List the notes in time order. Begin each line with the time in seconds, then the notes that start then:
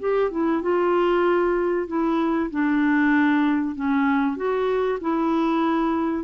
0.00 G4
0.31 E4
0.62 F4
1.88 E4
2.51 D4
3.76 C#4
4.37 F#4
5.01 E4